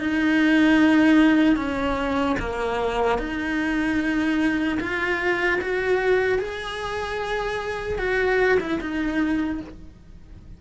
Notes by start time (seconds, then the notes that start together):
0.00 D#4
1.56 C#4
2.40 A#3
3.19 D#4
4.80 F4
5.62 F#4
6.39 G#4
7.99 F#4
8.60 E4
8.81 D#4